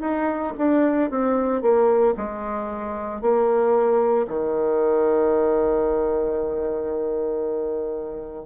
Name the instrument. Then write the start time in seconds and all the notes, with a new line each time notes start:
bassoon
0.00 D#4
0.57 D4
1.10 C4
1.62 A#3
2.17 G#3
3.21 A#3
4.27 D#3